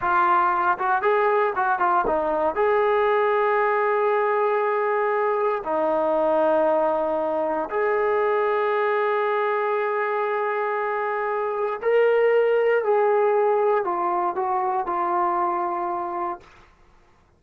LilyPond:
\new Staff \with { instrumentName = "trombone" } { \time 4/4 \tempo 4 = 117 f'4. fis'8 gis'4 fis'8 f'8 | dis'4 gis'2.~ | gis'2. dis'4~ | dis'2. gis'4~ |
gis'1~ | gis'2. ais'4~ | ais'4 gis'2 f'4 | fis'4 f'2. | }